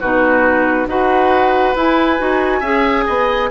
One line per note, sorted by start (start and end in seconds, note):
0.00 0.87 B2
0.00 0.88 D#4
0.00 0.87 F#4
0.00 0.87 B4
0.87 1.74 D#4
0.87 1.75 F#4
0.87 2.60 B4
0.87 1.76 F#5
1.76 2.18 E4
1.76 2.19 E4
1.76 3.50 G#5
2.18 2.61 D#4
2.18 2.61 F#4
2.60 3.05 C#4
2.60 3.50 G#4
2.60 3.03 E5
3.06 3.50 B3
3.06 3.50 D#5